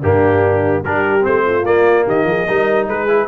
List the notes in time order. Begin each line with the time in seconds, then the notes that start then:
0.00 G2 A#3 D4 G4
0.82 G3 D4 G4 A#4
1.21 A3 C4 C5
1.45 F4
1.63 A#3 D5
2.05 D#3 G4 D#5
2.25 F3 G#4
2.48 G3 D#4 A#4
2.88 G#3 G#4 B4
3.08 E4